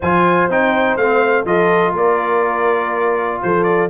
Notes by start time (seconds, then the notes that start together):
0.00 F3 F4 C5 G#5
0.49 C4 D#4 G5
0.96 A3 C4 F5
1.45 F3 F4 A4 D#5
1.92 A#3 A#4 D5
3.42 F3 A4 C5
3.63 D5